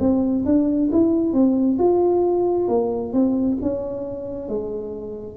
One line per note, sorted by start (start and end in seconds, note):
0.00 0.45 C4
0.46 0.90 D4
0.92 1.33 E4
1.33 1.78 C4
1.79 2.68 F4
2.68 3.13 A#3
3.13 3.58 C4
3.62 4.49 C#4
4.49 5.37 G#3